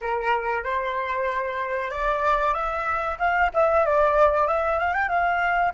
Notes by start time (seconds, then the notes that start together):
0.01 A#4
0.63 C5
1.91 D5
2.54 E5
3.18 F5
3.53 E5
3.85 D5
4.47 E5
4.79 F5
4.93 G5
5.08 F5